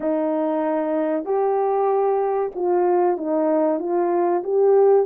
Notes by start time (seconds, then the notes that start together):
0.00 D#4
1.25 G4
2.55 F4
3.17 D#4
3.79 F4
4.43 G4